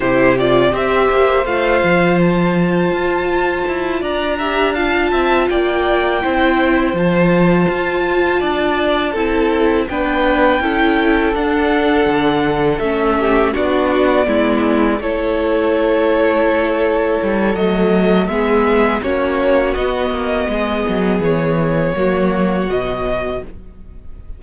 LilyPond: <<
  \new Staff \with { instrumentName = "violin" } { \time 4/4 \tempo 4 = 82 c''8 d''8 e''4 f''4 a''4~ | a''4. ais''4 a''4 g''8~ | g''4. a''2~ a''8~ | a''4. g''2 fis''8~ |
fis''4. e''4 d''4.~ | d''8 cis''2.~ cis''8 | dis''4 e''4 cis''4 dis''4~ | dis''4 cis''2 dis''4 | }
  \new Staff \with { instrumentName = "violin" } { \time 4/4 g'4 c''2.~ | c''4. d''8 e''8 f''8 e''8 d''8~ | d''8 c''2. d''8~ | d''8 a'4 b'4 a'4.~ |
a'2 g'8 fis'4 e'8~ | e'8 a'2.~ a'8~ | a'4 gis'4 fis'2 | gis'2 fis'2 | }
  \new Staff \with { instrumentName = "viola" } { \time 4/4 e'8 f'8 g'4 f'2~ | f'2 g'8 f'4.~ | f'8 e'4 f'2~ f'8~ | f'8 e'4 d'4 e'4 d'8~ |
d'4. cis'4 d'4 b8~ | b8 e'2.~ e'8 | a4 b4 cis'4 b4~ | b2 ais4 fis4 | }
  \new Staff \with { instrumentName = "cello" } { \time 4/4 c4 c'8 ais8 a8 f4. | f'4 e'8 d'4. c'8 ais8~ | ais8 c'4 f4 f'4 d'8~ | d'8 c'4 b4 cis'4 d'8~ |
d'8 d4 a4 b4 gis8~ | gis8 a2. g8 | fis4 gis4 ais4 b8 ais8 | gis8 fis8 e4 fis4 b,4 | }
>>